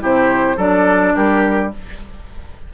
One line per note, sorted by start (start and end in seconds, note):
0.00 0.57 C3
0.00 0.57 E4
0.00 0.57 G4
0.00 0.60 C5
0.57 1.14 F#3
0.57 1.72 D4
0.57 1.14 A4
0.57 1.16 D5
1.16 1.74 G3
1.16 1.73 G4
1.16 1.73 A#4